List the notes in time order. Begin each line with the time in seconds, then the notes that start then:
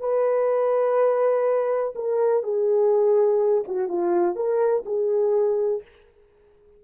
0.00 B4
1.95 A#4
2.43 G#4
3.68 F#4
3.88 F4
4.35 A#4
4.86 G#4